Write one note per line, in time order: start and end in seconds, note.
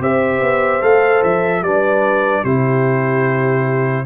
0.00 0.41 C4
0.00 0.81 G4
0.00 1.64 C5
0.00 0.82 E5
0.41 0.81 B3
0.81 1.22 A3
0.81 1.62 A4
0.81 1.23 F5
1.23 1.62 F3
1.23 1.63 E5
1.62 2.43 G3
1.62 2.45 D4
1.62 2.43 B4
1.62 2.44 D5
2.43 4.06 C3
2.43 4.06 E4
2.43 4.05 G4
2.43 4.06 C5